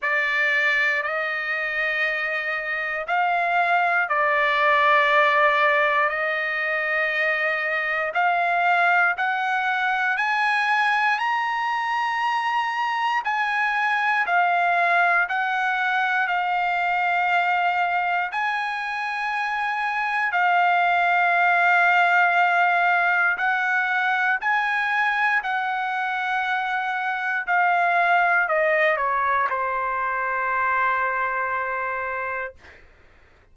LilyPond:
\new Staff \with { instrumentName = "trumpet" } { \time 4/4 \tempo 4 = 59 d''4 dis''2 f''4 | d''2 dis''2 | f''4 fis''4 gis''4 ais''4~ | ais''4 gis''4 f''4 fis''4 |
f''2 gis''2 | f''2. fis''4 | gis''4 fis''2 f''4 | dis''8 cis''8 c''2. | }